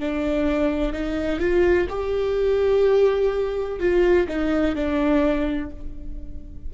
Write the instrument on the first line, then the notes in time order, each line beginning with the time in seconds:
viola
0.00 D4
0.93 D#4
1.40 F4
1.89 G4
3.80 F4
4.28 D#4
4.75 D4